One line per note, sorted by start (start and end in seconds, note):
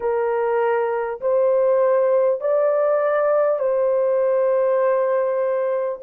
0.00 1.20 A#4
1.21 2.41 C5
2.41 3.59 D5
3.59 5.99 C5